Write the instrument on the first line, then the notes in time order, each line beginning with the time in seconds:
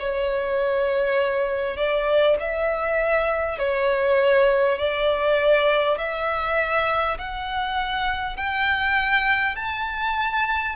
violin
0.00 C#5
1.77 D5
2.40 E5
3.59 C#5
4.78 D5
5.98 E5
7.19 F#5
8.37 G5
9.56 A5